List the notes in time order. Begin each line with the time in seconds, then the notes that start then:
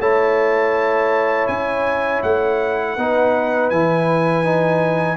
0.00 A3 E4 C#5 A5
1.48 C#4 G#5
2.23 A3 F#5
2.97 B3 D#4 B4
3.70 E3 E4 G#5
4.45 D#4